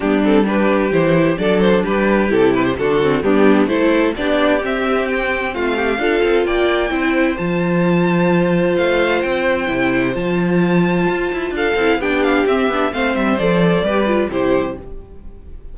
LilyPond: <<
  \new Staff \with { instrumentName = "violin" } { \time 4/4 \tempo 4 = 130 g'8 a'8 b'4 c''4 d''8 c''8 | b'4 a'8 b'16 c''16 a'4 g'4 | c''4 d''4 e''4 g''4 | f''2 g''2 |
a''2. f''4 | g''2 a''2~ | a''4 f''4 g''8 f''8 e''4 | f''8 e''8 d''2 c''4 | }
  \new Staff \with { instrumentName = "violin" } { \time 4/4 d'4 g'2 a'4 | g'2 fis'4 d'4 | a'4 g'2. | f'8 g'8 a'4 d''4 c''4~ |
c''1~ | c''1~ | c''4 a'4 g'2 | c''2 b'4 g'4 | }
  \new Staff \with { instrumentName = "viola" } { \time 4/4 b8 c'8 d'4 e'4 d'4~ | d'4 e'4 d'8 c'8 b4 | e'4 d'4 c'2~ | c'4 f'2 e'4 |
f'1~ | f'4 e'4 f'2~ | f'4. e'8 d'4 c'8 d'8 | c'4 a'4 g'8 f'8 e'4 | }
  \new Staff \with { instrumentName = "cello" } { \time 4/4 g2 e4 fis4 | g4 c4 d4 g4 | a4 b4 c'2 | a4 d'8 c'8 ais4 c'4 |
f2. a4 | c'4 c4 f2 | f'8 e'8 d'8 c'8 b4 c'8 b8 | a8 g8 f4 g4 c4 | }
>>